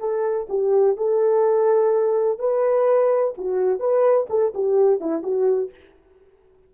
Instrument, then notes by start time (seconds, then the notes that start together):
horn
0.00 A4
0.50 G4
0.97 A4
2.39 B4
3.38 F#4
3.80 B4
4.30 A4
4.55 G4
5.01 E4
5.23 F#4